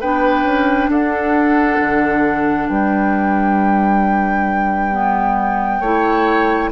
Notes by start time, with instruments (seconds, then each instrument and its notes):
0.00 bassoon B3, clarinet D4, oboe B4, flute G5
0.44 bassoon C#4
0.88 bassoon D4, oboe A4, flute F#5
1.80 bassoon D3
2.68 bassoon G3, oboe B4, flute G5
4.92 clarinet B3
5.80 bassoon A3, clarinet E4, oboe C#5